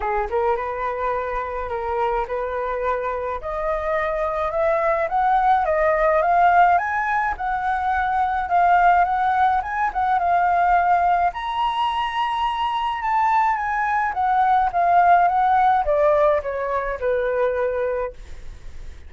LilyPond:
\new Staff \with { instrumentName = "flute" } { \time 4/4 \tempo 4 = 106 gis'8 ais'8 b'2 ais'4 | b'2 dis''2 | e''4 fis''4 dis''4 f''4 | gis''4 fis''2 f''4 |
fis''4 gis''8 fis''8 f''2 | ais''2. a''4 | gis''4 fis''4 f''4 fis''4 | d''4 cis''4 b'2 | }